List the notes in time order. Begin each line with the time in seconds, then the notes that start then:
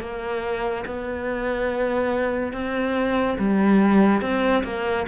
0.00 A#3
0.86 B3
2.52 C4
3.38 G3
4.21 C4
4.64 A#3